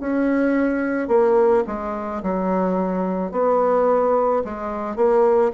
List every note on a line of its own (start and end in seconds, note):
0.00 1.08 C#4
1.08 1.64 A#3
1.67 2.22 G#3
2.23 3.32 F#3
3.32 4.43 B3
4.44 4.96 G#3
4.96 5.52 A#3